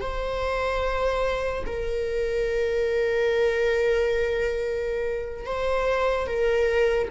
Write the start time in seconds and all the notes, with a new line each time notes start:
0.00 C5
1.66 A#4
5.45 C5
6.26 A#4